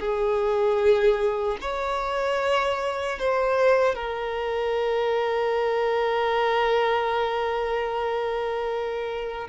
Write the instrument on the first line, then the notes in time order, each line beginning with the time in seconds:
violin
0.00 G#4
1.61 C#5
3.19 C5
3.95 A#4